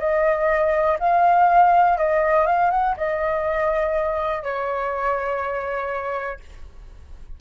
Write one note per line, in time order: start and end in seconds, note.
0.00 0.98 D#5
1.00 1.98 F5
1.99 2.47 D#5
2.47 2.71 F5
2.71 2.96 F#5
2.98 4.43 D#5
4.43 6.40 C#5